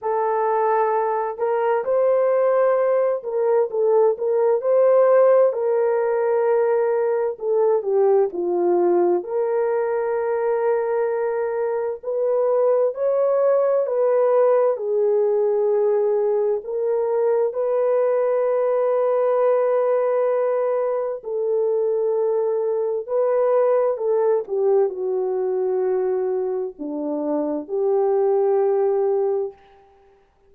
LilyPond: \new Staff \with { instrumentName = "horn" } { \time 4/4 \tempo 4 = 65 a'4. ais'8 c''4. ais'8 | a'8 ais'8 c''4 ais'2 | a'8 g'8 f'4 ais'2~ | ais'4 b'4 cis''4 b'4 |
gis'2 ais'4 b'4~ | b'2. a'4~ | a'4 b'4 a'8 g'8 fis'4~ | fis'4 d'4 g'2 | }